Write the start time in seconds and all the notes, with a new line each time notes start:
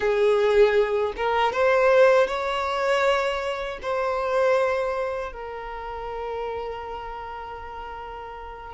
0.00 G#4
1.16 A#4
1.52 C5
2.27 C#5
3.82 C5
5.32 A#4